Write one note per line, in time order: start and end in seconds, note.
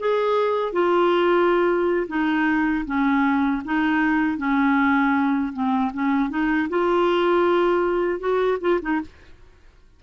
0.00 0.72 G#4
0.72 2.07 F4
2.08 2.85 D#4
2.86 3.63 C#4
3.65 4.38 D#4
4.38 5.53 C#4
5.53 5.92 C4
5.94 6.30 C#4
6.30 6.68 D#4
6.69 8.20 F4
8.20 8.58 F#4
8.61 8.80 F4
8.82 9.01 D#4